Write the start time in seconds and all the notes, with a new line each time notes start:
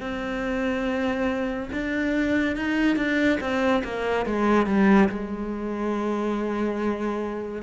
0.00 C4
1.72 D4
2.55 D#4
2.96 D4
3.40 C4
3.83 A#3
4.25 G#3
4.66 G3
5.09 G#3